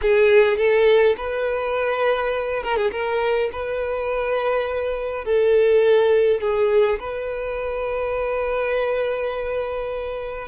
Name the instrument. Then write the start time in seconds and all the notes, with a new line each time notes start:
violin
0.01 G#4
0.57 A4
1.17 B4
2.63 A#4
2.76 G#4
2.91 A#4
3.52 B4
5.24 A4
6.41 G#4
6.99 B4